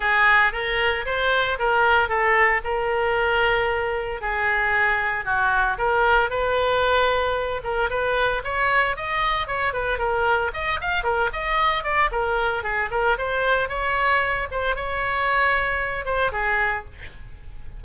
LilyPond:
\new Staff \with { instrumentName = "oboe" } { \time 4/4 \tempo 4 = 114 gis'4 ais'4 c''4 ais'4 | a'4 ais'2. | gis'2 fis'4 ais'4 | b'2~ b'8 ais'8 b'4 |
cis''4 dis''4 cis''8 b'8 ais'4 | dis''8 f''8 ais'8 dis''4 d''8 ais'4 | gis'8 ais'8 c''4 cis''4. c''8 | cis''2~ cis''8 c''8 gis'4 | }